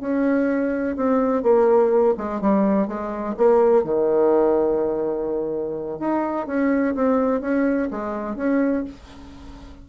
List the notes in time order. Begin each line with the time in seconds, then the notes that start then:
0.00 C#4
0.96 C4
1.42 A#3
2.17 G#3
2.41 G3
2.87 G#3
3.37 A#3
3.84 D#3
5.99 D#4
6.46 C#4
6.95 C4
7.41 C#4
7.90 G#3
8.36 C#4